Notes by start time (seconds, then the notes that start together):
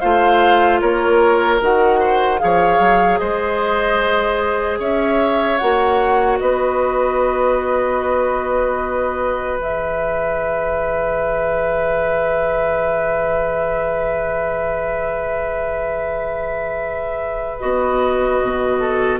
0.00 A3 F4 C5 F5
0.81 A#3 A#4 C#5
1.60 D#3 F#4 F#5
2.00 C5
2.39 F3 G#4 C#5 F5
2.79 F#3
3.18 G#3 C5 D#5
4.79 C#4 C#5 E5
5.58 A#3 F#4 F#5
6.39 B3 B4 D#5
9.58 E3 G#4 E5
17.59 B3 F#4 D#5
18.42 B2
18.80 A4